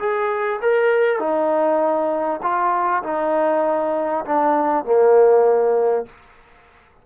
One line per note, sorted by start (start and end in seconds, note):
0.00 0.61 G#4
0.62 1.20 A#4
1.20 2.41 D#4
2.43 3.03 F4
3.04 4.25 D#4
4.26 4.85 D4
4.85 6.07 A#3